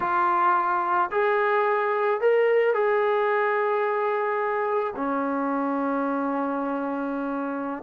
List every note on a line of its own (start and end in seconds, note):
0.00 1.10 F4
1.11 2.20 G#4
2.20 2.73 A#4
2.73 4.94 G#4
4.95 7.83 C#4